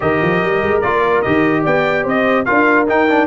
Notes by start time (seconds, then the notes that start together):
0.00 D#3 G4 A#4 D#5
0.22 F3
0.42 G3
0.62 G#3
0.80 A#3 F4 D5
1.21 D#3 G4 D#5
1.62 B3 D5 G5
2.03 C4 C5 D#5
2.45 D4 F4 A#4 F5
2.87 D#4 G5
3.08 D4